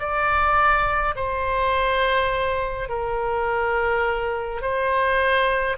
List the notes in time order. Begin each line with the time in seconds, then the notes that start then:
0.00 D5
1.16 C5
2.90 A#4
4.62 C5